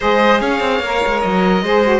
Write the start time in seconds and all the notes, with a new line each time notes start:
0.00 G#3 G#4 C5 D#5
0.40 C#4 C#5 F5
0.60 C4
0.80 A#3 A#4
1.06 G#3
1.21 F#3 D#5
1.62 G#3 G#4 C5
1.83 F#4